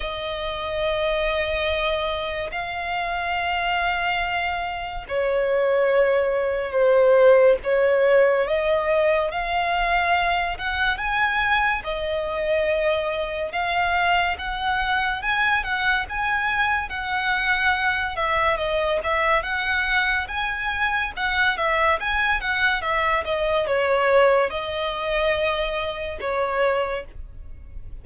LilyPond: \new Staff \with { instrumentName = "violin" } { \time 4/4 \tempo 4 = 71 dis''2. f''4~ | f''2 cis''2 | c''4 cis''4 dis''4 f''4~ | f''8 fis''8 gis''4 dis''2 |
f''4 fis''4 gis''8 fis''8 gis''4 | fis''4. e''8 dis''8 e''8 fis''4 | gis''4 fis''8 e''8 gis''8 fis''8 e''8 dis''8 | cis''4 dis''2 cis''4 | }